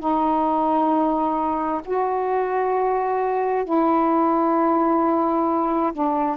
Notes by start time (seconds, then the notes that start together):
0.00 D#4
1.85 F#4
3.65 E4
5.93 D4